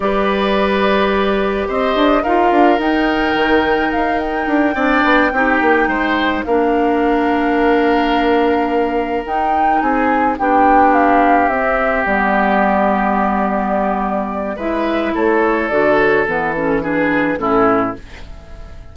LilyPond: <<
  \new Staff \with { instrumentName = "flute" } { \time 4/4 \tempo 4 = 107 d''2. dis''4 | f''4 g''2 f''8 g''8~ | g''2.~ g''8 f''8~ | f''1~ |
f''8 g''4 gis''4 g''4 f''8~ | f''8 e''4 d''2~ d''8~ | d''2 e''4 cis''4 | d''8 cis''8 b'8 a'8 b'4 a'4 | }
  \new Staff \with { instrumentName = "oboe" } { \time 4/4 b'2. c''4 | ais'1~ | ais'8 d''4 g'4 c''4 ais'8~ | ais'1~ |
ais'4. gis'4 g'4.~ | g'1~ | g'2 b'4 a'4~ | a'2 gis'4 e'4 | }
  \new Staff \with { instrumentName = "clarinet" } { \time 4/4 g'1 | f'4 dis'2.~ | dis'8 d'4 dis'2 d'8~ | d'1~ |
d'8 dis'2 d'4.~ | d'8 c'4 b2~ b8~ | b2 e'2 | fis'4 b8 cis'8 d'4 cis'4 | }
  \new Staff \with { instrumentName = "bassoon" } { \time 4/4 g2. c'8 d'8 | dis'8 d'8 dis'4 dis4 dis'4 | d'8 c'8 b8 c'8 ais8 gis4 ais8~ | ais1~ |
ais8 dis'4 c'4 b4.~ | b8 c'4 g2~ g8~ | g2 gis4 a4 | d4 e2 a,4 | }
>>